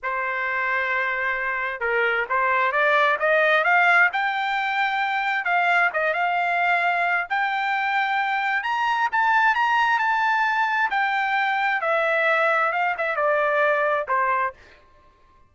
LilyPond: \new Staff \with { instrumentName = "trumpet" } { \time 4/4 \tempo 4 = 132 c''1 | ais'4 c''4 d''4 dis''4 | f''4 g''2. | f''4 dis''8 f''2~ f''8 |
g''2. ais''4 | a''4 ais''4 a''2 | g''2 e''2 | f''8 e''8 d''2 c''4 | }